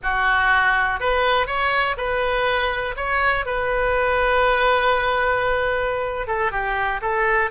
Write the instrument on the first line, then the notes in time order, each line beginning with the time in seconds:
oboe
0.02 F#4
1.00 B4
1.46 C#5
1.97 B4
2.96 C#5
3.45 B4
6.27 A4
6.51 G4
7.01 A4